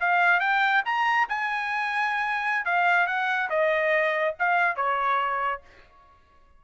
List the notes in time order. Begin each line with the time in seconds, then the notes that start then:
0.00 F5
0.40 G5
0.85 A#5
1.29 G#5
2.65 F5
3.07 F#5
3.50 D#5
4.39 F5
4.76 C#5